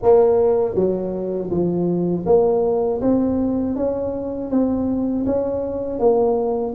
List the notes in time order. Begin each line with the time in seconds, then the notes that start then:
0.02 A#3
0.74 F#3
1.50 F3
2.25 A#3
3.01 C4
3.76 C#4
4.50 C4
5.26 C#4
5.99 A#3